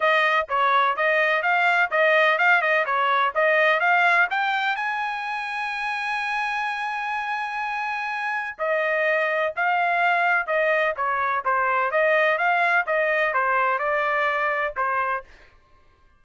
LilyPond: \new Staff \with { instrumentName = "trumpet" } { \time 4/4 \tempo 4 = 126 dis''4 cis''4 dis''4 f''4 | dis''4 f''8 dis''8 cis''4 dis''4 | f''4 g''4 gis''2~ | gis''1~ |
gis''2 dis''2 | f''2 dis''4 cis''4 | c''4 dis''4 f''4 dis''4 | c''4 d''2 c''4 | }